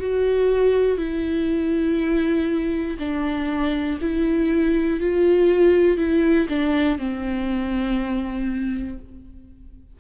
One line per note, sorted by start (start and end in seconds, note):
0.00 0.97 F#4
0.97 2.97 E4
2.99 3.99 D4
4.01 5.00 E4
5.00 5.98 F4
5.98 6.48 E4
6.49 6.99 D4
6.99 8.99 C4